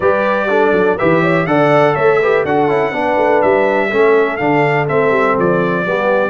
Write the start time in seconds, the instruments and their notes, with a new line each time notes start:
0.00 tuba G3, trombone G4, horn B4, trumpet D5
0.49 trombone D4, horn A4
0.72 tuba F#3
0.97 tuba E3, trombone G4, horn B4, trumpet E5
1.22 horn C#5
1.46 tuba D3, trombone A4, horn D5, trumpet F#5
1.94 tuba A3, horn C#5, trumpet E5
2.21 trombone G4, horn B4
2.45 tuba D4, trombone F#4, horn A4, trumpet F#5
2.67 tuba C#4, trombone E4
2.91 tuba B3, trombone D4, horn B4
3.17 tuba A3
3.42 tuba G3, trumpet E5
3.90 tuba A3, trombone C#4, horn A4
4.36 tuba D3, trombone D4, trumpet F5
4.87 tuba A3, trombone C4, trumpet E5
5.10 tuba G3
5.38 tuba F3, trumpet D5
5.85 tuba G3, trombone B3, horn G4